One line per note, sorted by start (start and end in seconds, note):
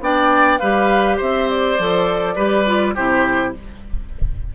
0.00 0.59 B3
0.00 0.60 D4
0.00 0.59 D5
0.00 0.58 G5
0.58 1.20 G3
0.58 1.79 G4
0.58 1.17 B4
0.58 1.17 F5
1.17 1.78 C4
1.17 2.34 C5
1.17 1.49 E5
1.49 2.95 D5
1.78 2.36 F3
1.78 2.36 A4
2.35 2.95 G3
2.35 2.65 G4
2.35 2.94 B4
2.66 2.95 F4
2.95 3.55 C3
2.95 3.54 E4
2.95 3.54 G4
2.95 3.54 C5